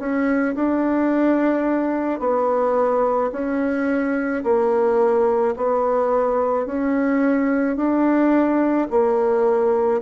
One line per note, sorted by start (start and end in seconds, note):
0.00 0.56 C#4
0.56 2.20 D4
2.20 3.31 B3
3.32 4.43 C#4
4.44 5.55 A#3
5.57 6.67 B3
6.67 7.77 C#4
7.77 8.88 D4
8.91 10.02 A#3